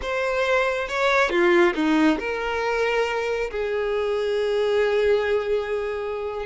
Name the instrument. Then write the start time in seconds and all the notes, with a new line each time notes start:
violin
0.01 C5
0.88 C#5
1.30 F4
1.74 D#4
2.19 A#4
3.50 G#4